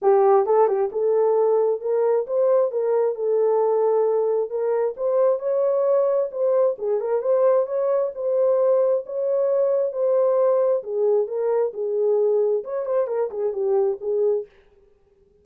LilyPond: \new Staff \with { instrumentName = "horn" } { \time 4/4 \tempo 4 = 133 g'4 a'8 g'8 a'2 | ais'4 c''4 ais'4 a'4~ | a'2 ais'4 c''4 | cis''2 c''4 gis'8 ais'8 |
c''4 cis''4 c''2 | cis''2 c''2 | gis'4 ais'4 gis'2 | cis''8 c''8 ais'8 gis'8 g'4 gis'4 | }